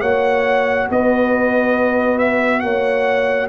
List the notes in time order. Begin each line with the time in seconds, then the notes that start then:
0.00 A#3 F#4 C#5 F#5
0.89 B3 B4 D#5
2.18 E5
2.60 A#3 C#5 F#5